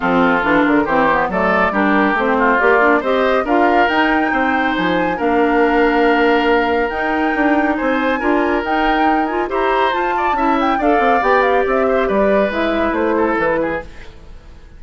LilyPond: <<
  \new Staff \with { instrumentName = "flute" } { \time 4/4 \tempo 4 = 139 a'4. ais'8 c''4 d''4 | ais'4 c''4 d''4 dis''4 | f''4 g''2 gis''4 | f''1 |
g''2 gis''2 | g''4. gis''8 ais''4 a''4~ | a''8 g''8 f''4 g''8 f''8 e''4 | d''4 e''4 c''4 b'4 | }
  \new Staff \with { instrumentName = "oboe" } { \time 4/4 f'2 g'4 a'4 | g'4. f'4. c''4 | ais'2 c''2 | ais'1~ |
ais'2 c''4 ais'4~ | ais'2 c''4. d''8 | e''4 d''2~ d''8 c''8 | b'2~ b'8 a'4 gis'8 | }
  \new Staff \with { instrumentName = "clarinet" } { \time 4/4 c'4 d'4 c'8 b8 a4 | d'4 c'4 g'8 d'8 g'4 | f'4 dis'2. | d'1 |
dis'2. f'4 | dis'4. f'8 g'4 f'4 | e'4 a'4 g'2~ | g'4 e'2. | }
  \new Staff \with { instrumentName = "bassoon" } { \time 4/4 f4 e8 d8 e4 fis4 | g4 a4 ais4 c'4 | d'4 dis'4 c'4 f4 | ais1 |
dis'4 d'4 c'4 d'4 | dis'2 e'4 f'4 | cis'4 d'8 c'8 b4 c'4 | g4 gis4 a4 e4 | }
>>